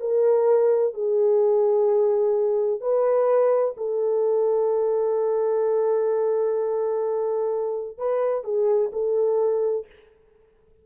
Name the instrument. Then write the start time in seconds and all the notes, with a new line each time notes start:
horn
0.00 A#4
0.94 G#4
2.80 B4
3.77 A4
7.98 B4
8.44 G#4
8.93 A4